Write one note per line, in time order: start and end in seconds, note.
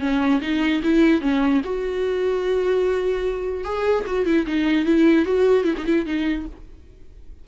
0.00 0.40 C#4
0.41 0.81 D#4
0.83 1.21 E4
1.21 1.61 C#4
1.64 3.64 F#4
3.64 4.04 G#4
4.06 4.25 F#4
4.25 4.46 E4
4.46 4.85 D#4
4.85 5.25 E4
5.25 5.64 F#4
5.64 5.74 E4
5.77 5.86 D#4
5.86 6.05 E4
6.05 6.46 D#4